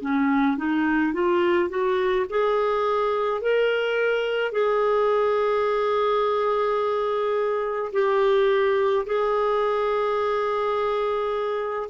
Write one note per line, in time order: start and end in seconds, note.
0.00 0.57 C#4
0.57 1.13 D#4
1.13 1.69 F4
1.69 2.25 F#4
2.30 3.41 G#4
3.41 4.52 A#4
4.52 7.91 G#4
7.92 9.05 G4
9.06 11.89 G#4